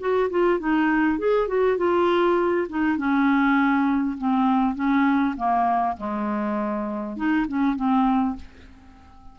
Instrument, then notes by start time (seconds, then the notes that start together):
clarinet
0.00 F#4
0.30 F4
0.59 D#4
1.19 G#4
1.48 F#4
1.78 F4
2.69 D#4
2.98 C#4
4.18 C4
4.75 C#4
5.37 A#3
5.97 G#3
7.16 D#4
7.48 C#4
7.76 C4